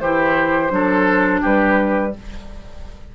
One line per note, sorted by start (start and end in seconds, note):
0.00 0.71 E3
0.00 0.70 E4
0.00 0.72 G4
0.00 1.41 C5
0.70 1.41 F#3
0.70 2.11 D4
0.70 1.41 A4
1.41 2.15 G3
1.41 2.12 G4
1.41 2.15 B4